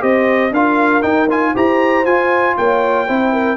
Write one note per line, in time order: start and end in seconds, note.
0.00 0.51 C4
0.00 0.51 G4
0.00 0.53 C5
0.00 0.53 D#5
0.51 1.02 D4
0.51 1.02 F4
0.51 1.53 A#4
0.51 1.02 F5
1.02 1.28 D#4
1.02 1.55 D#4
1.02 1.28 G5
1.30 1.55 F4
1.30 1.56 G#5
1.53 2.06 E4
1.53 2.06 G4
1.53 2.54 C5
1.53 2.05 A#5
2.05 2.57 F4
2.05 3.08 F4
2.05 2.56 G#5
2.57 3.09 A#3
2.57 3.07 C#5
2.57 3.57 G5
3.07 3.57 C4
3.07 3.57 E4
3.07 3.32 C5
3.32 3.57 A#4